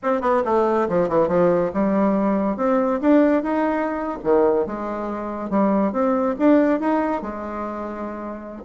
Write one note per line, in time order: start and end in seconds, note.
0.02 0.21 C4
0.21 0.42 B3
0.44 0.88 A3
0.88 1.09 F3
1.09 1.28 E3
1.28 1.71 F3
1.73 2.56 G3
2.56 3.00 C4
3.01 3.43 D4
3.43 4.18 D#4
4.23 4.66 D#3
4.66 5.50 G#3
5.50 5.92 G3
5.92 6.35 C4
6.38 6.80 D4
6.80 7.21 D#4
7.21 8.62 G#3